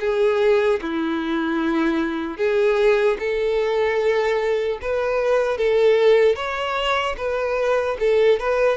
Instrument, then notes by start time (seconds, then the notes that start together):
violin
0.00 G#4
0.81 E4
2.37 G#4
3.19 A4
4.81 B4
5.57 A4
6.35 C#5
7.17 B4
8.00 A4
8.39 B4